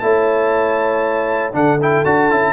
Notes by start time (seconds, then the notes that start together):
0.00 A3 E4 C#5 A5
1.53 D3 D4 A4 F#5
1.82 E4 G5
2.05 D4 F#4 A5
2.31 C#4 E4